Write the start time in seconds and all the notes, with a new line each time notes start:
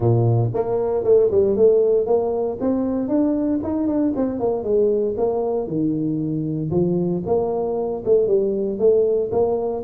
0.00 A#2
0.54 A#3
1.04 A3
1.31 G3
1.56 A3
2.06 A#3
2.60 C4
3.08 D4
3.63 D#4
3.87 D4
4.16 C4
4.39 A#3
4.63 G#3
5.17 A#3
5.67 D#3
6.71 F3
7.26 A#3
8.05 A3
8.27 G3
8.78 A3
9.31 A#3